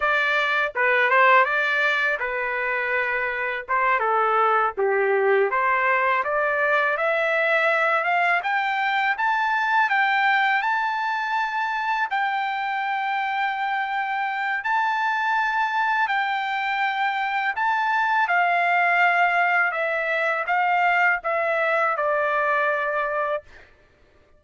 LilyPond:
\new Staff \with { instrumentName = "trumpet" } { \time 4/4 \tempo 4 = 82 d''4 b'8 c''8 d''4 b'4~ | b'4 c''8 a'4 g'4 c''8~ | c''8 d''4 e''4. f''8 g''8~ | g''8 a''4 g''4 a''4.~ |
a''8 g''2.~ g''8 | a''2 g''2 | a''4 f''2 e''4 | f''4 e''4 d''2 | }